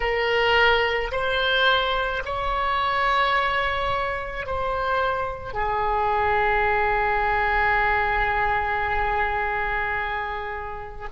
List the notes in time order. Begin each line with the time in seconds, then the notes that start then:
0.00 A#4
1.11 C5
2.25 C#5
4.46 C5
5.53 G#4